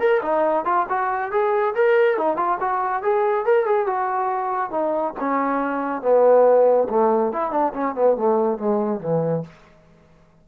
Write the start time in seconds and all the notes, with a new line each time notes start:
0.00 A#4
0.22 D#4
0.65 F4
0.89 F#4
1.32 G#4
1.75 A#4
2.18 D#4
2.37 F4
2.60 F#4
3.03 G#4
3.46 A#4
3.66 G#4
3.87 F#4
4.71 D#4
5.20 C#4
6.02 B3
6.90 A3
7.33 E4
7.51 D4
7.74 C#4
7.95 B3
8.17 A3
8.59 G#3
9.01 E3